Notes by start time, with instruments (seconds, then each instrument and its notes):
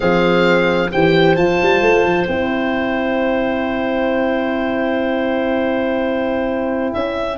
0.00 tuba F3, horn C4, clarinet G#4, oboe F5
0.90 tuba E3, horn G4, clarinet C5, oboe G5
1.36 tuba F3, horn F4, oboe A5
1.62 tuba G3
1.81 tuba A3
2.03 tuba F3
2.27 tuba C4, horn E4, oboe G5
6.93 tuba C#4, clarinet E5